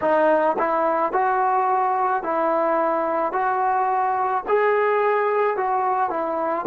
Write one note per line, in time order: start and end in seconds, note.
0.01 0.56 D#4
0.58 1.12 E4
1.12 2.23 F#4
2.23 3.32 E4
3.32 4.43 F#4
4.47 5.57 G#4
5.57 6.10 F#4
6.10 6.65 E4